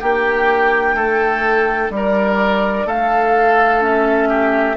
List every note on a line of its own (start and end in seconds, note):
0.00 0.94 A#3
0.00 3.81 D4
0.00 0.96 G4
0.00 1.91 G5
0.94 1.89 A3
0.94 1.92 A4
1.90 2.86 G3
1.90 2.88 D5
1.96 2.87 A#4
2.86 4.76 A3
2.86 4.29 A4
2.86 3.83 F5
3.81 4.76 C#4
3.81 4.77 E5
4.29 4.77 G4